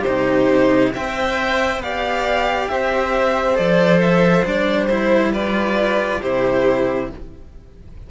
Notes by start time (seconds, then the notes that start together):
0.00 C3 G4 C5
0.07 D#4
0.94 C4 C5 E5 G5
1.78 B3 G4 D5 F5
2.68 C4 C5 E5
3.55 F3 A4 D5
4.01 E5
4.45 G3 D4 D5
4.87 E4 C5
5.32 F4 B4 D5
6.21 C3 E4 G4 C5